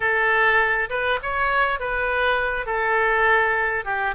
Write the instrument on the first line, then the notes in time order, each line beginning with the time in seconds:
oboe
0.00 A4
0.89 B4
1.22 C#5
1.79 B4
2.66 A4
3.85 G4